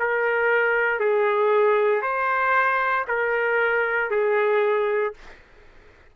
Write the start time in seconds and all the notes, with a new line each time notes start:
0.00 A#4
1.00 G#4
2.02 C5
3.08 A#4
4.11 G#4